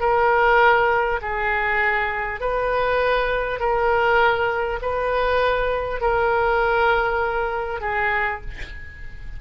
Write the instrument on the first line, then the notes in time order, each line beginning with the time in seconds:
oboe
0.00 A#4
1.22 G#4
2.41 B4
3.59 A#4
4.82 B4
6.01 A#4
7.81 G#4